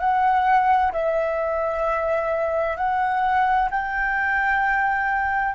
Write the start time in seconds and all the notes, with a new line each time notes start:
0.00 F#5
0.93 E5
2.77 F#5
3.71 G5